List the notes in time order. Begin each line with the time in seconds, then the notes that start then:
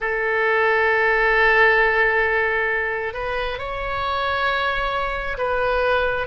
0.00 A4
3.13 B4
3.58 C#5
5.37 B4